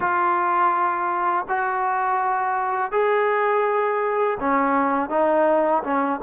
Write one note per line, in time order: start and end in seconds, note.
0.00 1.46 F4
1.48 2.91 F#4
2.91 4.37 G#4
4.40 5.09 C#4
5.09 5.82 D#4
5.83 6.20 C#4